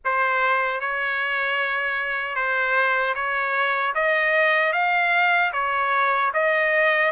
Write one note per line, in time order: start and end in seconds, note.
0.04 0.80 C5
0.80 2.35 C#5
2.35 3.14 C5
3.14 3.93 C#5
3.95 4.72 D#5
4.72 5.51 F5
5.52 6.31 C#5
6.33 7.11 D#5